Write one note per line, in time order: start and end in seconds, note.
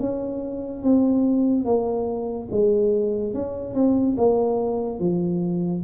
0.00 0.83 C#4
0.83 1.65 C4
1.65 2.48 A#3
2.51 3.34 G#3
3.34 3.74 C#4
3.74 4.16 C4
4.17 5.00 A#3
5.00 5.83 F3